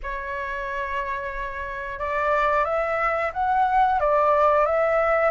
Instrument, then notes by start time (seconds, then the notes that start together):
flute
0.02 C#5
1.98 D5
2.65 E5
3.33 F#5
4.00 D5
4.65 E5